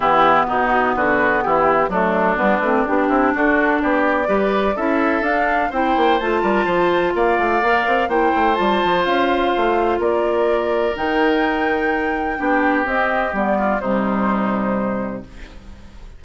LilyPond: <<
  \new Staff \with { instrumentName = "flute" } { \time 4/4 \tempo 4 = 126 g'4 fis'4 b'4 g'4 | a'4 b'4 g'4 a'4 | d''2 e''4 f''4 | g''4 a''2 f''4~ |
f''4 g''4 a''4 f''4~ | f''4 d''2 g''4~ | g''2. dis''4 | d''4 c''2. | }
  \new Staff \with { instrumentName = "oboe" } { \time 4/4 e'4 dis'4 fis'4 e'4 | d'2~ d'8 e'8 fis'4 | g'4 b'4 a'2 | c''4. ais'8 c''4 d''4~ |
d''4 c''2.~ | c''4 ais'2.~ | ais'2 g'2~ | g'8 f'8 dis'2. | }
  \new Staff \with { instrumentName = "clarinet" } { \time 4/4 b1 | a4 b8 c'8 d'2~ | d'4 g'4 e'4 d'4 | e'4 f'2. |
ais'4 e'4 f'2~ | f'2. dis'4~ | dis'2 d'4 c'4 | b4 g2. | }
  \new Staff \with { instrumentName = "bassoon" } { \time 4/4 e4 b,4 d4 e4 | fis4 g8 a8 b8 c'8 d'4 | b4 g4 cis'4 d'4 | c'8 ais8 a8 g8 f4 ais8 a8 |
ais8 c'8 ais8 a8 g8 f8 cis'4 | a4 ais2 dis4~ | dis2 b4 c'4 | g4 c2. | }
>>